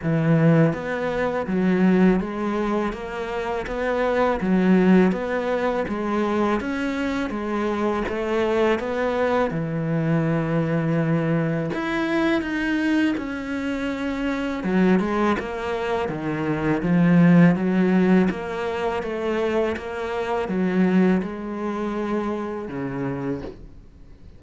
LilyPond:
\new Staff \with { instrumentName = "cello" } { \time 4/4 \tempo 4 = 82 e4 b4 fis4 gis4 | ais4 b4 fis4 b4 | gis4 cis'4 gis4 a4 | b4 e2. |
e'4 dis'4 cis'2 | fis8 gis8 ais4 dis4 f4 | fis4 ais4 a4 ais4 | fis4 gis2 cis4 | }